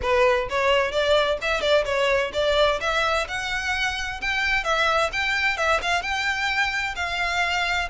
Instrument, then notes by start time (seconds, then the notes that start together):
violin
0.02 B4
0.49 C#5
0.91 D5
1.41 E5
1.61 D5
1.85 C#5
2.33 D5
2.80 E5
3.27 F#5
4.21 G5
4.64 E5
5.12 G5
5.57 E5
5.81 F5
6.01 G5
6.95 F5